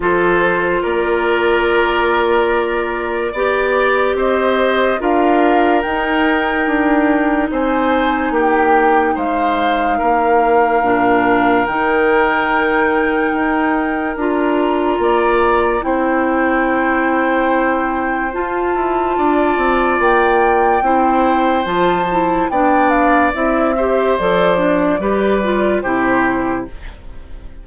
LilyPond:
<<
  \new Staff \with { instrumentName = "flute" } { \time 4/4 \tempo 4 = 72 c''4 d''2.~ | d''4 dis''4 f''4 g''4~ | g''4 gis''4 g''4 f''4~ | f''2 g''2~ |
g''4 ais''2 g''4~ | g''2 a''2 | g''2 a''4 g''8 f''8 | e''4 d''2 c''4 | }
  \new Staff \with { instrumentName = "oboe" } { \time 4/4 a'4 ais'2. | d''4 c''4 ais'2~ | ais'4 c''4 g'4 c''4 | ais'1~ |
ais'2 d''4 c''4~ | c''2. d''4~ | d''4 c''2 d''4~ | d''8 c''4. b'4 g'4 | }
  \new Staff \with { instrumentName = "clarinet" } { \time 4/4 f'1 | g'2 f'4 dis'4~ | dis'1~ | dis'4 d'4 dis'2~ |
dis'4 f'2 e'4~ | e'2 f'2~ | f'4 e'4 f'8 e'8 d'4 | e'8 g'8 a'8 d'8 g'8 f'8 e'4 | }
  \new Staff \with { instrumentName = "bassoon" } { \time 4/4 f4 ais2. | b4 c'4 d'4 dis'4 | d'4 c'4 ais4 gis4 | ais4 ais,4 dis2 |
dis'4 d'4 ais4 c'4~ | c'2 f'8 e'8 d'8 c'8 | ais4 c'4 f4 b4 | c'4 f4 g4 c4 | }
>>